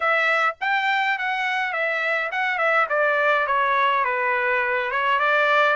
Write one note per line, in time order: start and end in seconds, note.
0.00 0.55 E5
0.60 1.18 G5
1.18 1.72 F#5
1.72 2.30 E5
2.31 2.58 F#5
2.58 2.87 E5
2.89 3.46 D5
3.46 4.04 C#5
4.04 4.91 B4
4.91 5.19 C#5
5.19 5.75 D5